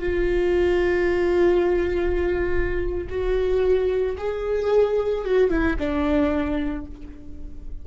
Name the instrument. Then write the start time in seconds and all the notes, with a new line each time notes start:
viola
0.00 F4
3.10 F#4
4.18 G#4
5.25 F#4
5.50 E4
5.79 D4